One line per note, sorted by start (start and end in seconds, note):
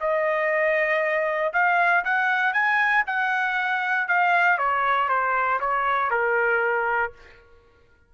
0.00 1.53 D#5
1.53 2.04 F5
2.04 2.53 F#5
2.53 3.04 G#5
3.06 4.08 F#5
4.08 4.58 F5
4.58 5.09 C#5
5.09 5.60 C5
5.60 6.10 C#5
6.10 7.12 A#4